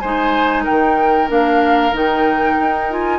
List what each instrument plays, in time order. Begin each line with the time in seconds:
0.00 bassoon G#3, clarinet D#4, oboe C5, flute G#5
0.64 oboe A#4, flute G5
0.70 bassoon D#3
1.28 bassoon A#3, clarinet D4, flute F5
1.93 bassoon D#3, clarinet D#4, flute G5
2.60 bassoon D#4
2.90 clarinet F4, flute G#5